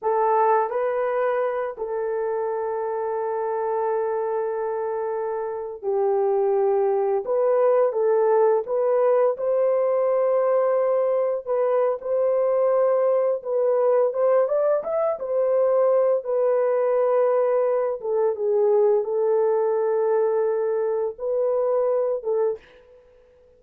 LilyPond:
\new Staff \with { instrumentName = "horn" } { \time 4/4 \tempo 4 = 85 a'4 b'4. a'4.~ | a'1~ | a'16 g'2 b'4 a'8.~ | a'16 b'4 c''2~ c''8.~ |
c''16 b'8. c''2 b'4 | c''8 d''8 e''8 c''4. b'4~ | b'4. a'8 gis'4 a'4~ | a'2 b'4. a'8 | }